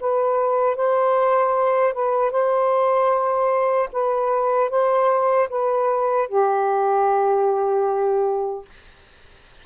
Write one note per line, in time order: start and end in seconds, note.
0.00 0.76 B4
0.76 1.93 C5
1.93 2.31 B4
2.31 3.89 C5
3.92 4.70 B4
4.70 5.49 C5
5.49 6.28 B4
6.28 8.65 G4